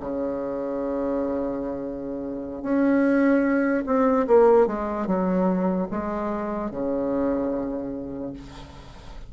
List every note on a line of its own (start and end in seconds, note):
0.00 2.62 C#3
2.62 3.84 C#4
3.86 4.26 C4
4.27 4.67 A#3
4.67 5.07 G#3
5.07 5.88 F#3
5.91 6.71 G#3
6.71 8.33 C#3